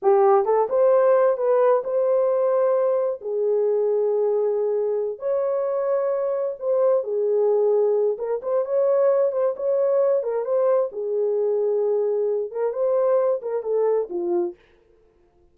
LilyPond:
\new Staff \with { instrumentName = "horn" } { \time 4/4 \tempo 4 = 132 g'4 a'8 c''4. b'4 | c''2. gis'4~ | gis'2.~ gis'8 cis''8~ | cis''2~ cis''8 c''4 gis'8~ |
gis'2 ais'8 c''8 cis''4~ | cis''8 c''8 cis''4. ais'8 c''4 | gis'2.~ gis'8 ais'8 | c''4. ais'8 a'4 f'4 | }